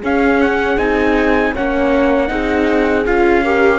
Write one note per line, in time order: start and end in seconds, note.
0.00 0.78 C#4
0.00 0.77 C#4
0.00 1.52 G#4
0.00 0.41 F5
0.41 0.78 F#5
0.77 1.53 C4
0.77 1.54 D#4
0.77 1.54 G#5
1.53 2.30 A#3
1.53 2.28 C#4
1.53 2.29 C#5
1.53 3.06 F#5
2.28 3.06 C4
2.28 3.04 D#4
2.28 3.44 G#4
3.06 3.79 C#4
3.06 3.44 F4
3.06 3.79 F5
3.44 3.79 G4
3.44 3.79 A#4